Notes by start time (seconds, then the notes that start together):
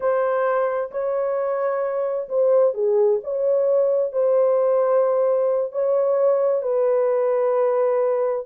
0.00 C5
0.91 C#5
2.28 C5
2.74 G#4
3.23 C#5
4.12 C5
5.71 C#5
6.62 B4